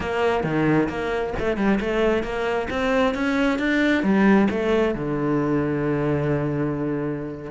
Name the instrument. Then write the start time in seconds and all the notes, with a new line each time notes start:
cello
0.00 A#3
0.43 D#3
0.88 A#3
1.39 A3
1.56 G3
1.80 A3
2.23 A#3
2.70 C4
3.14 C#4
3.58 D4
4.03 G3
4.50 A3
4.95 D3